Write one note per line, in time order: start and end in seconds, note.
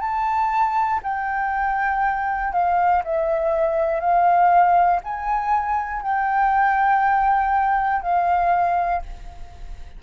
0.00 1.00 A5
1.03 2.53 G5
2.53 3.03 F5
3.04 4.00 E5
4.00 5.00 F5
5.04 6.02 G#5
6.02 8.02 G5
8.02 9.02 F5